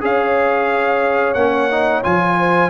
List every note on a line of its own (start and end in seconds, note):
0.00 1.36 C#4
0.00 1.35 G#4
0.00 2.38 C#5
0.00 1.34 F5
1.34 2.03 A#3
1.34 1.71 C#4
1.34 2.01 F#5
1.71 2.03 D#4
2.03 2.70 F3
2.03 2.70 F4
2.03 2.70 G#5
2.38 2.70 C5